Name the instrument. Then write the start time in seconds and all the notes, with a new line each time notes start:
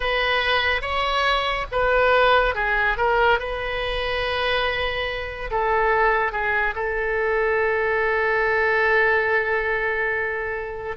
oboe
0.00 B4
0.81 C#5
1.71 B4
2.55 G#4
2.97 A#4
3.39 B4
5.50 A4
6.31 G#4
6.75 A4